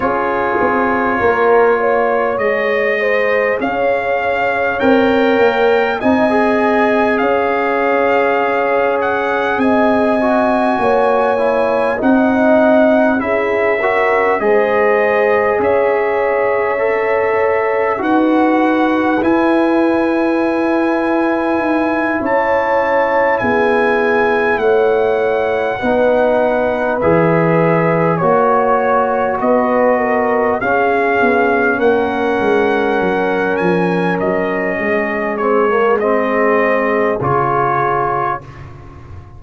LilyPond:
<<
  \new Staff \with { instrumentName = "trumpet" } { \time 4/4 \tempo 4 = 50 cis''2 dis''4 f''4 | g''4 gis''4 f''4. fis''8 | gis''2 fis''4 e''4 | dis''4 e''2 fis''4 |
gis''2~ gis''8 a''4 gis''8~ | gis''8 fis''2 e''4 cis''8~ | cis''8 dis''4 f''4 fis''4. | gis''8 dis''4 cis''8 dis''4 cis''4 | }
  \new Staff \with { instrumentName = "horn" } { \time 4/4 gis'4 ais'8 cis''4 c''8 cis''4~ | cis''4 dis''4 cis''2 | dis''4 cis''4 dis''4 gis'8 ais'8 | c''4 cis''2 b'4~ |
b'2~ b'8 cis''4 gis'8~ | gis'8 cis''4 b'2 cis''8~ | cis''8 b'8 ais'8 gis'4 ais'4.~ | ais'4 gis'2. | }
  \new Staff \with { instrumentName = "trombone" } { \time 4/4 f'2 gis'2 | ais'4 dis'16 gis'2~ gis'8.~ | gis'8 fis'4 e'8 dis'4 e'8 fis'8 | gis'2 a'4 fis'4 |
e'1~ | e'4. dis'4 gis'4 fis'8~ | fis'4. cis'2~ cis'8~ | cis'4. c'16 ais16 c'4 f'4 | }
  \new Staff \with { instrumentName = "tuba" } { \time 4/4 cis'8 c'8 ais4 gis4 cis'4 | c'8 ais8 c'4 cis'2 | c'4 ais4 c'4 cis'4 | gis4 cis'2 dis'4 |
e'2 dis'8 cis'4 b8~ | b8 a4 b4 e4 ais8~ | ais8 b4 cis'8 b8 ais8 gis8 fis8 | f8 fis8 gis2 cis4 | }
>>